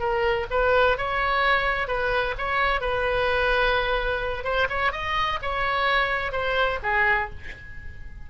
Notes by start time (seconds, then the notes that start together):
0.00 A#4
0.51 B4
0.98 C#5
1.88 B4
2.38 C#5
2.81 B4
4.45 C5
4.70 C#5
4.93 D#5
5.42 C#5
6.33 C5
6.84 G#4